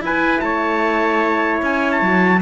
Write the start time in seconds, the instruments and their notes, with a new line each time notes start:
0.00 cello E4, horn E4, trumpet B4 G#5
0.39 cello A3, trumpet C#5 A5
1.62 cello C#4, trumpet G#5
1.91 trumpet A5
2.01 cello F#3